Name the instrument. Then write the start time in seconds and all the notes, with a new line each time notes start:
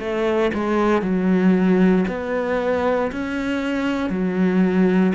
cello
0.00 A3
0.54 G#3
1.02 F#3
2.08 B3
3.12 C#4
4.10 F#3